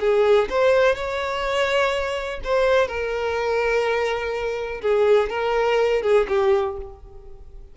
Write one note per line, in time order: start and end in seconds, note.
0.00 0.48 G#4
0.49 0.95 C5
0.95 2.40 C#5
2.44 2.88 C5
2.88 4.81 A#4
4.81 5.30 G#4
5.30 6.02 A#4
6.02 6.27 G#4
6.28 6.77 G4